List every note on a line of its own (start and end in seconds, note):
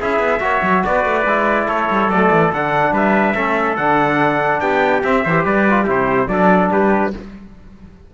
0.00 0.19 C#4
0.00 0.40 E4
0.00 0.42 G#4
0.00 0.85 E5
0.19 0.40 B3
0.40 0.61 A#3
0.40 1.24 F#4
0.40 0.85 C#5
0.62 0.83 F#3
0.85 1.05 B3
0.85 1.67 B4
0.85 1.68 D5
1.05 1.26 A3
1.26 1.68 G#3
1.26 2.12 E4
1.67 1.89 A3
1.67 2.93 A4
1.67 2.10 C#5
1.90 2.08 G3
2.08 2.29 F#3
2.08 2.53 A3
2.08 2.52 D5
2.31 2.52 E3
2.53 2.92 D3
2.53 3.35 D4
2.53 2.95 F#5
2.92 3.34 G3
2.92 3.35 B4
2.92 3.76 E5
3.35 3.77 A3
3.35 3.77 C#4
3.35 4.61 A4
3.76 4.61 D3
3.76 5.03 D4
3.76 4.60 F#5
4.60 5.03 B3
4.60 5.24 G4
4.60 5.02 G5
5.03 5.25 C4
5.03 5.45 E5
5.24 5.45 E3
5.24 5.70 G4
5.24 5.45 C5
5.45 5.87 G3
5.45 5.83 B4
5.45 5.87 D5
5.70 5.86 F4
5.83 6.28 C3
5.83 6.28 E4
5.83 6.25 G4
5.83 6.28 C5
6.28 6.70 F#3
6.28 7.12 D4
6.28 6.72 A4
6.28 6.70 D5
6.71 7.13 G3
6.71 7.14 G4
6.71 7.14 B4